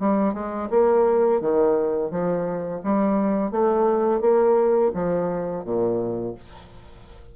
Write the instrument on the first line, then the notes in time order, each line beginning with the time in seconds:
bassoon
0.00 G3
0.34 G#3
0.71 A#3
1.41 D#3
2.11 F3
2.84 G3
3.52 A3
4.21 A#3
4.94 F3
5.65 A#2